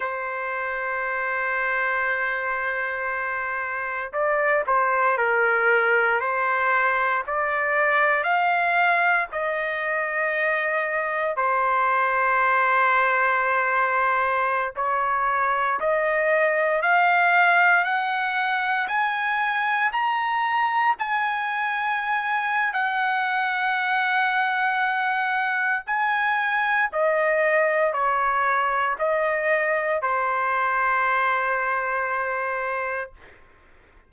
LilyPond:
\new Staff \with { instrumentName = "trumpet" } { \time 4/4 \tempo 4 = 58 c''1 | d''8 c''8 ais'4 c''4 d''4 | f''4 dis''2 c''4~ | c''2~ c''16 cis''4 dis''8.~ |
dis''16 f''4 fis''4 gis''4 ais''8.~ | ais''16 gis''4.~ gis''16 fis''2~ | fis''4 gis''4 dis''4 cis''4 | dis''4 c''2. | }